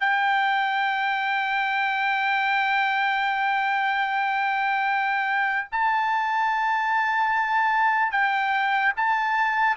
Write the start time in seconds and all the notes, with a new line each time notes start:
0.00 G5
5.72 A5
8.12 G5
8.96 A5